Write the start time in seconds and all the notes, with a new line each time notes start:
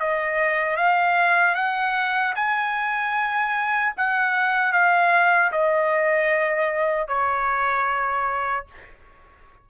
0.00 D#5
0.77 F5
1.55 F#5
2.36 G#5
3.97 F#5
4.73 F5
5.52 D#5
7.08 C#5